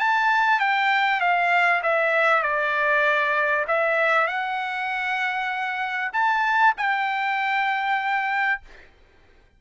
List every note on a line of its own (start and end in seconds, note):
0.00 0.60 A5
0.60 1.20 G5
1.20 1.81 F5
1.83 2.43 E5
2.43 3.65 D5
3.68 4.27 E5
4.27 6.11 F#5
6.13 6.74 A5
6.77 8.61 G5